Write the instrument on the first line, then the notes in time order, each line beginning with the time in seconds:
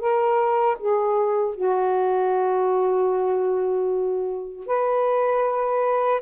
saxophone
0.00 A#4
0.79 G#4
1.55 F#4
4.67 B4